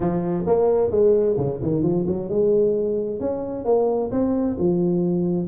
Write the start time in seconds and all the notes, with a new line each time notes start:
0.00 F3
0.46 A#3
0.90 G#3
1.37 C#3
1.62 D#3
1.82 F3
2.07 F#3
2.29 G#3
3.20 C#4
3.65 A#3
4.11 C4
4.58 F3